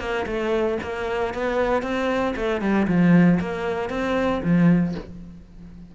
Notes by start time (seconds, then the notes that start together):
0.00 A#3
0.27 A3
0.83 A#3
1.34 B3
1.83 C4
2.37 A3
2.61 G3
2.88 F3
3.40 A#3
3.90 C4
4.44 F3